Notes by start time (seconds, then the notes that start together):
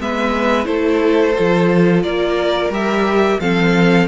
0.00 G#3 B3 B4 E5
0.65 A3 E4 A4 C5
1.39 F3 F4
2.03 A#3 A#4 D5
2.70 G3 G4 E5
3.40 F3 C4 A4 F5